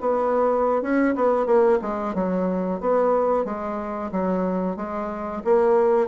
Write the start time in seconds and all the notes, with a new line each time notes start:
0.00 B3
0.82 C#4
1.15 B3
1.46 A#3
1.81 G#3
2.14 F#3
2.80 B3
3.45 G#3
4.11 F#3
4.76 G#3
5.44 A#3